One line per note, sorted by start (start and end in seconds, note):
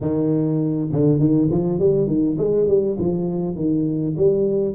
0.01 0.90 D#3
0.92 1.19 D3
1.19 1.49 D#3
1.50 1.79 F3
1.79 2.07 G3
2.07 2.36 D#3
2.38 2.67 G#3
2.67 2.97 G3
2.98 3.55 F3
3.55 4.14 D#3
4.17 4.74 G3